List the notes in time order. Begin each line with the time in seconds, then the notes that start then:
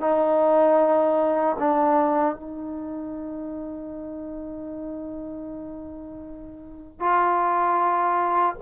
0.00 D#4
1.59 D4
2.35 D#4
7.00 F4